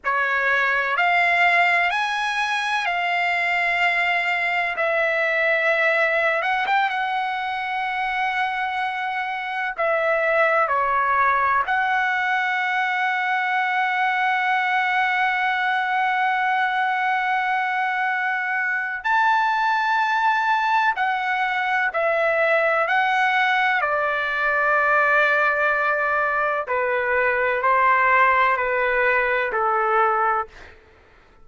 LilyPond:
\new Staff \with { instrumentName = "trumpet" } { \time 4/4 \tempo 4 = 63 cis''4 f''4 gis''4 f''4~ | f''4 e''4.~ e''16 fis''16 g''16 fis''8.~ | fis''2~ fis''16 e''4 cis''8.~ | cis''16 fis''2.~ fis''8.~ |
fis''1 | a''2 fis''4 e''4 | fis''4 d''2. | b'4 c''4 b'4 a'4 | }